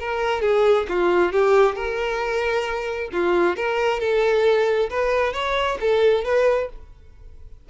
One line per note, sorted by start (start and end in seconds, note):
0.00 0.42 A#4
0.42 0.87 G#4
0.89 1.32 F4
1.32 1.76 G4
1.76 3.10 A#4
3.13 3.57 F4
3.57 4.01 A#4
4.01 4.90 A4
4.90 5.34 B4
5.34 5.78 C#5
5.81 6.25 A4
6.25 6.70 B4